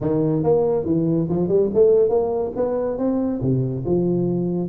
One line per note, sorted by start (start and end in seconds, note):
0.00 0.43 D#3
0.43 0.85 A#3
0.85 1.27 E3
1.29 1.48 F3
1.48 1.69 G3
1.74 2.09 A3
2.09 2.51 A#3
2.56 2.97 B3
2.97 3.40 C4
3.41 3.84 C3
3.85 4.69 F3